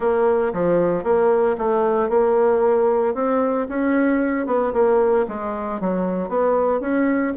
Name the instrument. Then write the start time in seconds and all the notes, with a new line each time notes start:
bassoon
0.00 A#3
0.53 F3
1.03 A#3
1.57 A3
2.09 A#3
3.14 C4
3.68 C#4
4.46 B3
4.73 A#3
5.28 G#3
5.80 F#3
6.28 B3
6.80 C#4